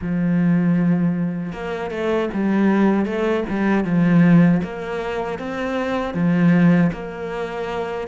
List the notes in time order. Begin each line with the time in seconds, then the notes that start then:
0.01 F3
1.52 A#3
1.90 A3
2.33 G3
3.05 A3
3.49 G3
3.84 F3
4.63 A#3
5.38 C4
6.14 F3
6.92 A#3